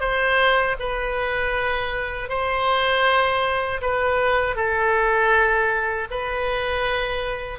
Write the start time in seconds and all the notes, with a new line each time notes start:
0.00 C5
0.79 B4
2.29 C5
3.81 B4
4.56 A4
6.10 B4